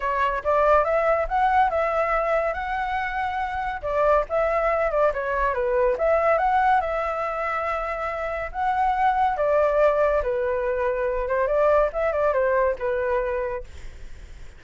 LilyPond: \new Staff \with { instrumentName = "flute" } { \time 4/4 \tempo 4 = 141 cis''4 d''4 e''4 fis''4 | e''2 fis''2~ | fis''4 d''4 e''4. d''8 | cis''4 b'4 e''4 fis''4 |
e''1 | fis''2 d''2 | b'2~ b'8 c''8 d''4 | e''8 d''8 c''4 b'2 | }